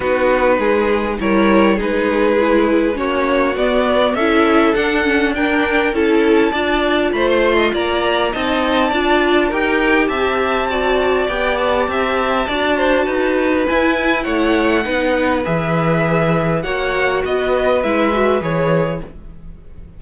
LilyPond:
<<
  \new Staff \with { instrumentName = "violin" } { \time 4/4 \tempo 4 = 101 b'2 cis''4 b'4~ | b'4 cis''4 d''4 e''4 | fis''4 g''4 a''2 | b''16 c'''8. ais''4 a''2 |
g''4 a''2 g''8 a''8~ | a''2. gis''4 | fis''2 e''2 | fis''4 dis''4 e''4 cis''4 | }
  \new Staff \with { instrumentName = "violin" } { \time 4/4 fis'4 gis'4 ais'4 gis'4~ | gis'4 fis'2 a'4~ | a'4 ais'4 a'4 d''4 | c''8. dis''16 d''4 dis''4 d''4 |
ais'4 e''4 d''2 | e''4 d''8 c''8 b'2 | cis''4 b'2. | cis''4 b'2. | }
  \new Staff \with { instrumentName = "viola" } { \time 4/4 dis'2 e'4 dis'4 | e'4 cis'4 b4 e'4 | d'8 cis'8 d'4 e'4 f'4~ | f'2 dis'4 f'4 |
g'2 fis'4 g'4~ | g'4 fis'2 e'4~ | e'4 dis'4 gis'2 | fis'2 e'8 fis'8 gis'4 | }
  \new Staff \with { instrumentName = "cello" } { \time 4/4 b4 gis4 g4 gis4~ | gis4 ais4 b4 cis'4 | d'2 cis'4 d'4 | a4 ais4 c'4 d'4 |
dis'4 c'2 b4 | c'4 d'4 dis'4 e'4 | a4 b4 e2 | ais4 b4 gis4 e4 | }
>>